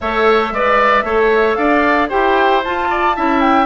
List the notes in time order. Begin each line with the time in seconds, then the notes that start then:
0.00 A3 A4 C#5 E5
0.51 G#3 B4 D5
1.03 A3 A4 C#5
1.54 D4 D5 F5
2.09 E4 G4 C5 G5
2.63 F4 A5
2.90 D5
3.16 C#4 E4 E5
3.40 G5